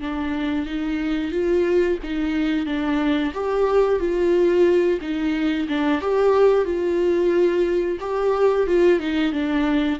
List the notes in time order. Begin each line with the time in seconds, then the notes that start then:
0.00 D4
0.65 D#4
1.31 F4
2.03 D#4
2.65 D4
3.34 G4
3.99 F4
5.01 D#4
5.68 D4
6.01 G4
6.65 F4
8.00 G4
8.67 F4
8.99 D#4
9.32 D4